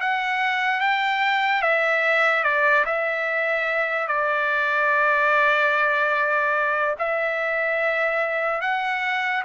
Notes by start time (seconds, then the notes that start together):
0.00 F#5
0.80 G5
1.62 E5
2.43 D5
2.85 E5
4.07 D5
6.98 E5
8.61 F#5